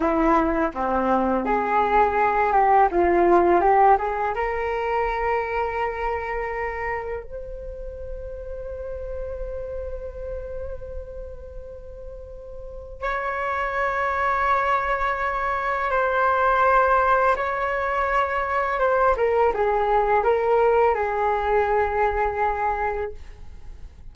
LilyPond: \new Staff \with { instrumentName = "flute" } { \time 4/4 \tempo 4 = 83 e'4 c'4 gis'4. g'8 | f'4 g'8 gis'8 ais'2~ | ais'2 c''2~ | c''1~ |
c''2 cis''2~ | cis''2 c''2 | cis''2 c''8 ais'8 gis'4 | ais'4 gis'2. | }